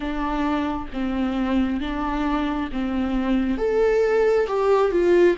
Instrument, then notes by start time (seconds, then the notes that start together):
viola
0.00 D4
0.92 C4
1.80 D4
2.72 C4
3.57 A4
4.47 G4
4.91 F4